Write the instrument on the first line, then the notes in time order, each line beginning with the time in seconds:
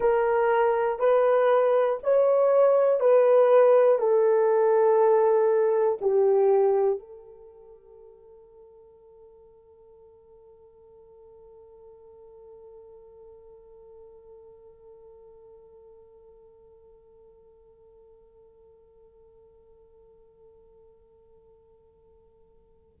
horn
0.00 A#4
0.99 B4
2.03 C#5
3.00 B4
3.99 A4
6.01 G4
6.99 A4